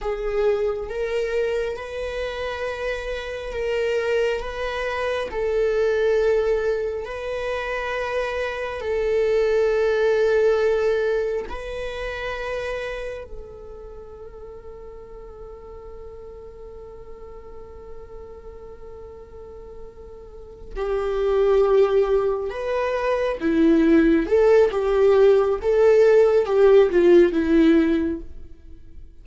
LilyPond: \new Staff \with { instrumentName = "viola" } { \time 4/4 \tempo 4 = 68 gis'4 ais'4 b'2 | ais'4 b'4 a'2 | b'2 a'2~ | a'4 b'2 a'4~ |
a'1~ | a'2.~ a'8 g'8~ | g'4. b'4 e'4 a'8 | g'4 a'4 g'8 f'8 e'4 | }